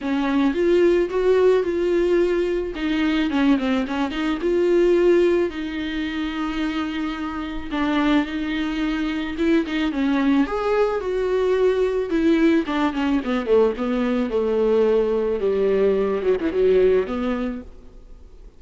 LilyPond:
\new Staff \with { instrumentName = "viola" } { \time 4/4 \tempo 4 = 109 cis'4 f'4 fis'4 f'4~ | f'4 dis'4 cis'8 c'8 cis'8 dis'8 | f'2 dis'2~ | dis'2 d'4 dis'4~ |
dis'4 e'8 dis'8 cis'4 gis'4 | fis'2 e'4 d'8 cis'8 | b8 a8 b4 a2 | g4. fis16 e16 fis4 b4 | }